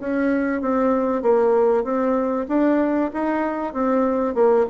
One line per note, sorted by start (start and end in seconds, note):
0.00 0.61 C#4
0.61 1.22 C4
1.22 1.84 A#3
1.84 2.46 C4
2.48 3.11 D4
3.13 3.73 D#4
3.73 4.35 C4
4.35 4.66 A#3